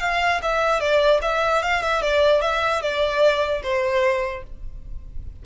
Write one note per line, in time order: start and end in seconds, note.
0.00 0.40 F5
0.42 0.80 E5
0.80 1.20 D5
1.22 1.62 E5
1.62 1.82 F5
1.82 2.02 E5
2.02 2.41 D5
2.41 2.81 E5
2.82 3.62 D5
3.62 4.43 C5